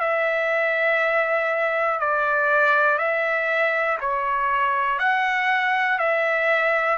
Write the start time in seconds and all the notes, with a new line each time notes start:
0.00 E5
2.00 D5
2.99 E5
4.00 C#5
5.00 F#5
5.99 E5